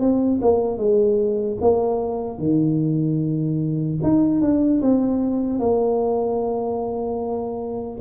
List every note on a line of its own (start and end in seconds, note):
0.00 0.40 C4
0.41 0.77 A#3
0.77 1.57 G#3
1.61 2.38 A#3
2.38 3.99 D#3
4.03 4.41 D#4
4.41 4.81 D4
4.81 5.59 C4
5.59 7.99 A#3